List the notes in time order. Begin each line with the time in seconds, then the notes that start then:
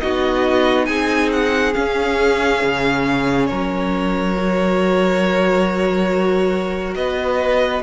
0.00 B3 D#4 F#4 D#5
0.86 C4 G#4 G#5
1.32 F#5
1.74 C#4 F5
2.64 C#3
3.47 F#3 A#4 C#5
4.38 F#4
6.95 B3 B4 D#5